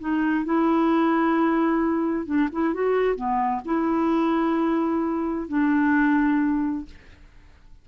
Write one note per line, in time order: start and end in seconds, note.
0.00 0.45 D#4
0.45 2.26 E4
2.26 2.49 D4
2.53 2.74 E4
2.74 3.16 F#4
3.16 3.62 B3
3.65 5.48 E4
5.48 6.86 D4